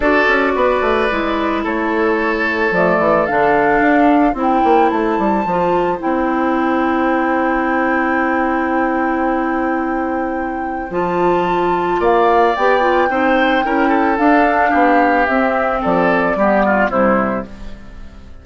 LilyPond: <<
  \new Staff \with { instrumentName = "flute" } { \time 4/4 \tempo 4 = 110 d''2. cis''4~ | cis''4 d''4 f''2 | g''4 a''2 g''4~ | g''1~ |
g''1 | a''2 f''4 g''4~ | g''2 f''2 | e''4 d''2 c''4 | }
  \new Staff \with { instrumentName = "oboe" } { \time 4/4 a'4 b'2 a'4~ | a'1 | c''1~ | c''1~ |
c''1~ | c''2 d''2 | c''4 ais'8 a'4. g'4~ | g'4 a'4 g'8 f'8 e'4 | }
  \new Staff \with { instrumentName = "clarinet" } { \time 4/4 fis'2 e'2~ | e'4 a4 d'2 | e'2 f'4 e'4~ | e'1~ |
e'1 | f'2. g'8 f'8 | dis'4 e'4 d'2 | c'2 b4 g4 | }
  \new Staff \with { instrumentName = "bassoon" } { \time 4/4 d'8 cis'8 b8 a8 gis4 a4~ | a4 f8 e8 d4 d'4 | c'8 ais8 a8 g8 f4 c'4~ | c'1~ |
c'1 | f2 ais4 b4 | c'4 cis'4 d'4 b4 | c'4 f4 g4 c4 | }
>>